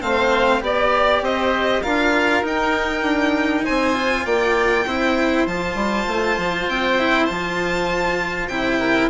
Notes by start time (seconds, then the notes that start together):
0.00 A3 C4 C5 F5
0.61 B3 G4 D5
1.21 C4 C5 D#5
1.83 D4 F4 A#4 F5
2.42 D#4 G5
3.02 D4
3.64 C4 C5 G#5
3.94 F4
4.25 A#3 D5 G5
4.86 C4 E4 C5
5.46 F3 F4 A5
5.74 G3
6.07 A3
6.37 F3
6.68 C4 G5
6.98 E4
7.25 F3 F4 A5
8.48 C3 E4 G5
8.79 A#4